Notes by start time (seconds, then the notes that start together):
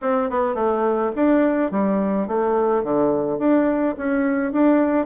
0.01 C4
0.30 B3
0.55 A3
1.15 D4
1.71 G3
2.27 A3
2.83 D3
3.39 D4
3.97 C#4
4.52 D4